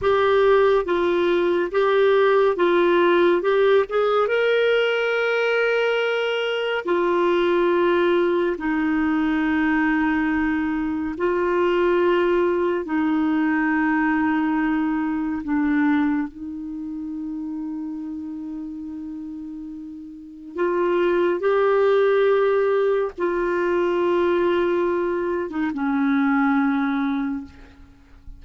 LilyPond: \new Staff \with { instrumentName = "clarinet" } { \time 4/4 \tempo 4 = 70 g'4 f'4 g'4 f'4 | g'8 gis'8 ais'2. | f'2 dis'2~ | dis'4 f'2 dis'4~ |
dis'2 d'4 dis'4~ | dis'1 | f'4 g'2 f'4~ | f'4.~ f'16 dis'16 cis'2 | }